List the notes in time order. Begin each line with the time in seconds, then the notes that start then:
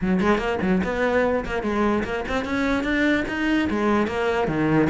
0.01 F#3
0.20 G#3
0.37 A#3
0.61 F#3
0.83 B3
1.45 A#3
1.62 G#3
2.04 A#3
2.28 C4
2.45 C#4
2.83 D4
3.28 D#4
3.70 G#3
4.07 A#3
4.47 D#3